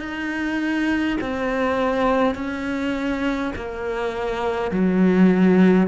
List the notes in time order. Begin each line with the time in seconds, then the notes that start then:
0.00 D#4
1.21 C4
2.35 C#4
3.56 A#3
4.71 F#3